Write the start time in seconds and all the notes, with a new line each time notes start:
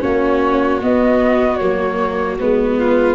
0.00 A#3 C#4 F#4 C#5
0.82 B3 D#5
1.57 F#3 A#3 C#5
2.39 G#3 B3 B4
2.78 F4